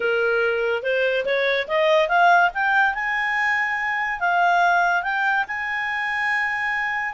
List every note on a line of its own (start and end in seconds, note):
0.00 0.82 A#4
0.82 1.24 C5
1.25 1.67 C#5
1.67 2.08 D#5
2.08 2.50 F5
2.53 2.94 G5
2.94 4.19 G#5
4.19 5.02 F5
5.02 5.44 G5
5.47 7.14 G#5